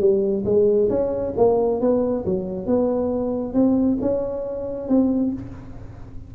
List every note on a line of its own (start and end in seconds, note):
0.00 0.44 G3
0.46 0.90 G#3
0.90 1.34 C#4
1.37 1.81 A#3
1.81 2.25 B3
2.26 2.67 F#3
2.67 3.54 B3
3.54 3.98 C4
4.01 4.89 C#4
4.89 5.33 C4